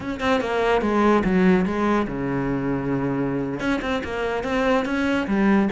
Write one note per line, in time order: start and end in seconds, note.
0.00 0.20 C#4
0.20 0.40 C4
0.40 0.81 A#3
0.81 1.23 G#3
1.24 1.65 F#3
1.65 2.07 G#3
2.07 3.59 C#3
3.59 3.80 C#4
3.81 4.02 C4
4.03 4.43 A#3
4.43 4.85 C4
4.85 5.26 C#4
5.27 5.68 G3